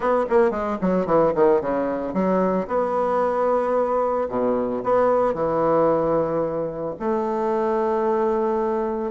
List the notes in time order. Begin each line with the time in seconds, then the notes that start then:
0.00 B3
0.29 A#3
0.50 G#3
0.81 F#3
1.05 E3
1.34 D#3
1.61 C#3
2.13 F#3
2.67 B3
4.29 B2
4.83 B3
5.34 E3
6.99 A3